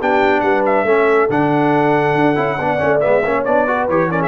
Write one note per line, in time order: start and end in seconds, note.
0.00 0.43 B3
0.00 0.87 D4
0.00 0.43 G4
0.00 0.41 G5
0.41 0.84 G3
0.41 0.86 B4
0.41 0.63 F#5
0.66 1.31 E5
0.84 1.28 A3
0.84 1.30 C#4
0.84 2.59 A4
1.30 2.15 D3
1.30 2.36 D4
1.30 3.01 F#5
2.15 2.37 D4
2.36 2.59 C#4
2.36 2.58 E4
2.59 2.81 B3
2.59 2.79 D4
2.59 3.25 D5
2.79 3.04 A3
2.79 3.00 C#4
3.01 3.25 G#3
3.01 3.23 B3
3.01 3.44 E5
3.25 3.46 A#3
3.25 3.46 C#4
3.25 3.68 C#5
3.45 3.89 B3
3.45 3.68 D4
3.45 3.88 D5
3.68 3.89 F#4
3.68 4.11 B4
3.89 4.29 E3
3.89 4.11 G4
3.89 4.11 C#5
4.11 4.29 C#4
4.11 4.21 A#4
4.11 4.22 D5
4.21 4.29 G#4
4.21 4.29 E5